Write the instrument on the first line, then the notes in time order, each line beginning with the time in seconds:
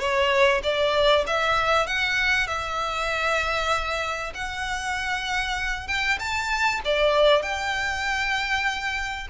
violin
0.00 C#5
0.64 D5
1.27 E5
1.87 F#5
2.48 E5
4.35 F#5
5.88 G5
6.19 A5
6.85 D5
7.43 G5